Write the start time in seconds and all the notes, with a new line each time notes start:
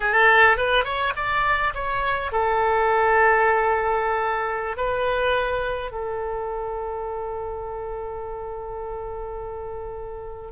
0.00 A4
0.57 B4
0.84 C#5
1.15 D5
1.74 C#5
2.32 A4
4.76 B4
5.91 A4